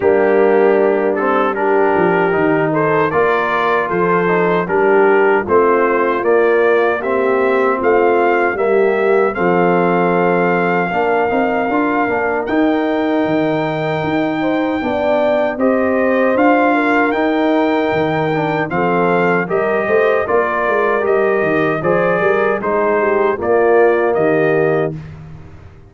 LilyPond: <<
  \new Staff \with { instrumentName = "trumpet" } { \time 4/4 \tempo 4 = 77 g'4. a'8 ais'4. c''8 | d''4 c''4 ais'4 c''4 | d''4 e''4 f''4 e''4 | f''1 |
g''1 | dis''4 f''4 g''2 | f''4 dis''4 d''4 dis''4 | d''4 c''4 d''4 dis''4 | }
  \new Staff \with { instrumentName = "horn" } { \time 4/4 d'2 g'4. a'8 | ais'4 a'4 g'4 f'4~ | f'4 g'4 f'4 g'4 | a'2 ais'2~ |
ais'2~ ais'8 c''8 d''4 | c''4. ais'2~ ais'8 | a'4 ais'8 c''8 ais'2 | c''8 ais'8 gis'8 g'8 f'4 g'4 | }
  \new Staff \with { instrumentName = "trombone" } { \time 4/4 ais4. c'8 d'4 dis'4 | f'4. dis'8 d'4 c'4 | ais4 c'2 ais4 | c'2 d'8 dis'8 f'8 d'8 |
dis'2. d'4 | g'4 f'4 dis'4. d'8 | c'4 g'4 f'4 g'4 | gis'4 dis'4 ais2 | }
  \new Staff \with { instrumentName = "tuba" } { \time 4/4 g2~ g8 f8 dis4 | ais4 f4 g4 a4 | ais2 a4 g4 | f2 ais8 c'8 d'8 ais8 |
dis'4 dis4 dis'4 b4 | c'4 d'4 dis'4 dis4 | f4 g8 a8 ais8 gis8 g8 dis8 | f8 g8 gis4 ais4 dis4 | }
>>